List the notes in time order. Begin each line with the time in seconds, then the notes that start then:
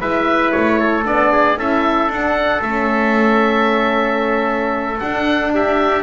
0.00 G#3 E4 B4 E5
0.52 A3 C#5
0.80 A4
1.04 B3 D4 D5
1.32 G#4
1.57 C#4 E4 A4 E5
2.08 D4 F#5
2.61 A3 C#4 E5
5.00 D4 F#5
5.54 G4 E5